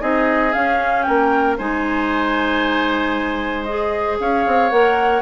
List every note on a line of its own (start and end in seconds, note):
0.00 0.54 C4
0.00 0.52 D#4
0.00 1.05 G#4
0.00 0.52 D#5
0.52 1.58 C#4
0.52 1.08 C#4
0.52 1.02 F5
1.02 1.59 A#3
1.02 1.58 A#4
1.02 1.55 G5
1.58 4.19 G#3
1.58 3.67 D#4
1.58 4.18 C5
1.58 3.64 G#5
3.64 4.71 G#4
3.64 4.16 D#5
4.19 4.45 C#4
4.19 5.22 C#5
4.19 4.70 F5
4.46 4.71 C4
4.70 5.22 A#3
4.70 5.22 A#4
4.70 5.22 F#5